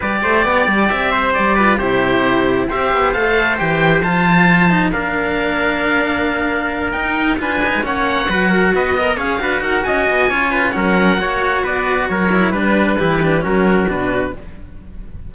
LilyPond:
<<
  \new Staff \with { instrumentName = "oboe" } { \time 4/4 \tempo 4 = 134 d''2 e''4 d''4 | c''2 e''4 f''4 | g''4 a''2 f''4~ | f''2.~ f''8 g''8~ |
g''8 gis''4 fis''2 dis''8~ | dis''8 f''4 fis''8 gis''2 | fis''2 d''4 cis''4 | b'2 ais'4 b'4 | }
  \new Staff \with { instrumentName = "trumpet" } { \time 4/4 b'8 c''8 d''4. c''4 b'8 | g'2 c''2~ | c''2. ais'4~ | ais'1~ |
ais'8 b'4 cis''4 b'8 ais'8 b'8 | dis''8 cis''8 b'8 ais'8 dis''4 cis''8 b'8 | ais'4 cis''4 b'4 ais'4 | b'4 g'4 fis'2 | }
  \new Staff \with { instrumentName = "cello" } { \time 4/4 g'2.~ g'8 f'8 | e'2 g'4 a'4 | g'4 f'4. dis'8 d'4~ | d'2.~ d'8 dis'8~ |
dis'8 f'8 dis'8 cis'4 fis'4. | ais'8 gis'8 fis'2 f'4 | cis'4 fis'2~ fis'8 e'8 | d'4 e'8 d'8 cis'4 d'4 | }
  \new Staff \with { instrumentName = "cello" } { \time 4/4 g8 a8 b8 g8 c'4 g4 | c2 c'8 b8 a4 | e4 f2 ais4~ | ais2.~ ais8 dis'8~ |
dis'8 d'8. gis16 ais4 fis4 b8~ | b8 cis'8 d'8 dis'8 cis'8 b8 cis'4 | fis4 ais4 b4 fis4 | g4 e4 fis4 b,4 | }
>>